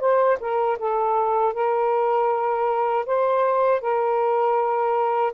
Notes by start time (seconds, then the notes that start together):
0.00 C5
0.40 A#4
0.79 A4
1.54 A#4
3.06 C5
3.81 A#4